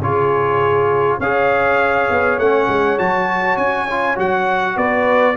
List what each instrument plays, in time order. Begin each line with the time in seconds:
0.00 tuba C#3, trombone F4, horn G#4, trumpet C#5
1.18 tuba C#4, trombone G#4, horn C#5, trumpet F5
2.11 tuba B3
2.39 tuba A3, trombone C#4, trumpet F#5
2.69 tuba G#3
2.99 tuba F#3, trombone F#4, trumpet A5
3.58 tuba C#4, trumpet G#5
3.91 trombone F4
4.16 tuba F#3, trombone F#4, trumpet F#5
4.77 tuba B3, horn B4, trumpet D5